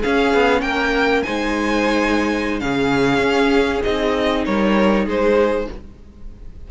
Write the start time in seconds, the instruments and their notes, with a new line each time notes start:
0.00 viola C#4, cello C#4, violin G#4 F5
0.34 cello B3
0.61 cello A#3, violin A#4 G5
1.23 cello G#3, viola D#4, violin C5 G#5
2.60 cello C#3, viola C#4, violin G#4 F5
3.19 cello C#4
3.84 cello C4, viola D#4, violin D#5
4.45 cello G3, violin A#4 C#5
5.06 cello G#3, violin G#4 C5